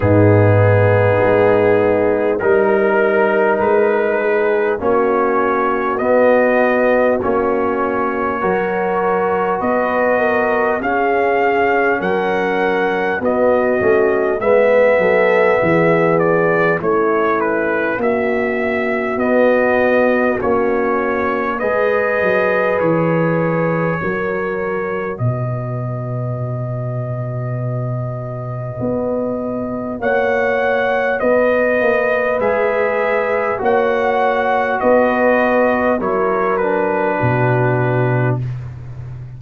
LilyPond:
<<
  \new Staff \with { instrumentName = "trumpet" } { \time 4/4 \tempo 4 = 50 gis'2 ais'4 b'4 | cis''4 dis''4 cis''2 | dis''4 f''4 fis''4 dis''4 | e''4. d''8 cis''8 b'8 e''4 |
dis''4 cis''4 dis''4 cis''4~ | cis''4 dis''2.~ | dis''4 fis''4 dis''4 e''4 | fis''4 dis''4 cis''8 b'4. | }
  \new Staff \with { instrumentName = "horn" } { \time 4/4 dis'2 ais'4. gis'8 | fis'2. ais'4 | b'8 ais'8 gis'4 ais'4 fis'4 | b'8 a'8 gis'4 e'4 fis'4~ |
fis'2 b'2 | ais'4 b'2.~ | b'4 cis''4 b'2 | cis''4 b'4 ais'4 fis'4 | }
  \new Staff \with { instrumentName = "trombone" } { \time 4/4 b2 dis'2 | cis'4 b4 cis'4 fis'4~ | fis'4 cis'2 b8 cis'8 | b2 cis'2 |
b4 cis'4 gis'2 | fis'1~ | fis'2. gis'4 | fis'2 e'8 d'4. | }
  \new Staff \with { instrumentName = "tuba" } { \time 4/4 gis,4 gis4 g4 gis4 | ais4 b4 ais4 fis4 | b4 cis'4 fis4 b8 a8 | gis8 fis8 e4 a4 ais4 |
b4 ais4 gis8 fis8 e4 | fis4 b,2. | b4 ais4 b8 ais8 gis4 | ais4 b4 fis4 b,4 | }
>>